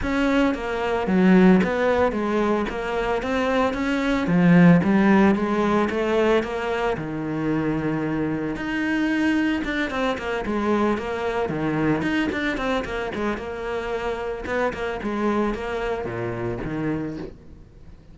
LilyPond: \new Staff \with { instrumentName = "cello" } { \time 4/4 \tempo 4 = 112 cis'4 ais4 fis4 b4 | gis4 ais4 c'4 cis'4 | f4 g4 gis4 a4 | ais4 dis2. |
dis'2 d'8 c'8 ais8 gis8~ | gis8 ais4 dis4 dis'8 d'8 c'8 | ais8 gis8 ais2 b8 ais8 | gis4 ais4 ais,4 dis4 | }